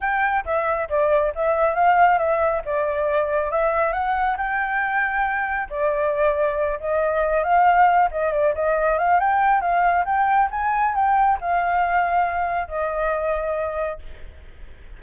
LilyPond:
\new Staff \with { instrumentName = "flute" } { \time 4/4 \tempo 4 = 137 g''4 e''4 d''4 e''4 | f''4 e''4 d''2 | e''4 fis''4 g''2~ | g''4 d''2~ d''8 dis''8~ |
dis''4 f''4. dis''8 d''8 dis''8~ | dis''8 f''8 g''4 f''4 g''4 | gis''4 g''4 f''2~ | f''4 dis''2. | }